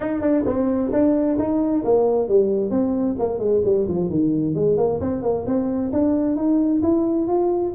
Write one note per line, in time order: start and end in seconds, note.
0.00 0.21 D#4
0.21 0.44 D4
0.45 0.91 C4
0.92 1.38 D4
1.38 1.83 D#4
1.84 2.28 A#3
2.28 2.70 G3
2.70 3.15 C4
3.19 3.38 A#3
3.38 3.61 G#3
3.64 3.87 G3
3.88 4.09 F3
4.09 4.55 D#3
4.55 4.77 G#3
4.77 5.00 A#3
5.00 5.22 C4
5.22 5.45 A#3
5.46 5.91 C4
5.92 6.36 D4
6.36 6.81 D#4
6.82 7.27 E4
7.27 7.73 F4